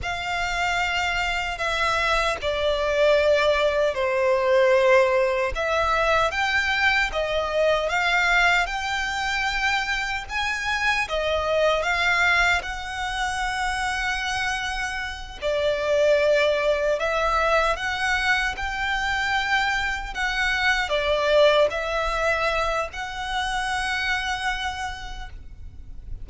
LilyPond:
\new Staff \with { instrumentName = "violin" } { \time 4/4 \tempo 4 = 76 f''2 e''4 d''4~ | d''4 c''2 e''4 | g''4 dis''4 f''4 g''4~ | g''4 gis''4 dis''4 f''4 |
fis''2.~ fis''8 d''8~ | d''4. e''4 fis''4 g''8~ | g''4. fis''4 d''4 e''8~ | e''4 fis''2. | }